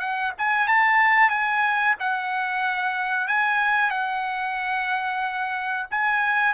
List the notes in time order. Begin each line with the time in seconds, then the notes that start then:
0.00 F#5
0.38 G#5
0.68 A5
1.30 G#5
2.00 F#5
3.28 G#5
3.91 F#5
5.91 G#5